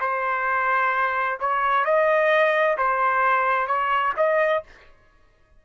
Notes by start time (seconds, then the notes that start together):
0.00 C5
1.40 C#5
1.85 D#5
2.77 C5
3.67 C#5
4.17 D#5